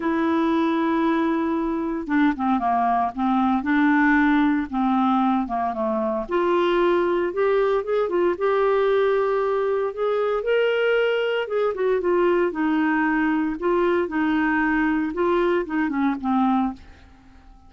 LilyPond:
\new Staff \with { instrumentName = "clarinet" } { \time 4/4 \tempo 4 = 115 e'1 | d'8 c'8 ais4 c'4 d'4~ | d'4 c'4. ais8 a4 | f'2 g'4 gis'8 f'8 |
g'2. gis'4 | ais'2 gis'8 fis'8 f'4 | dis'2 f'4 dis'4~ | dis'4 f'4 dis'8 cis'8 c'4 | }